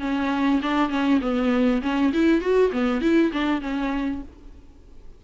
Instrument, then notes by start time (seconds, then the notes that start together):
viola
0.00 C#4
0.62 D4
0.90 C#4
1.21 B3
1.82 C#4
2.13 E4
2.41 F#4
2.72 B3
3.01 E4
3.33 D4
3.61 C#4